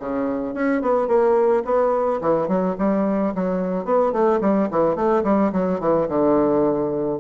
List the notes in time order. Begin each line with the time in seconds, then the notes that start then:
0.00 C#3
0.55 C#4
0.82 B3
1.08 A#3
1.65 B3
2.22 E3
2.48 F#3
2.79 G3
3.35 F#3
3.86 B3
4.13 A3
4.41 G3
4.71 E3
4.96 A3
5.24 G3
5.53 F#3
5.80 E3
6.09 D3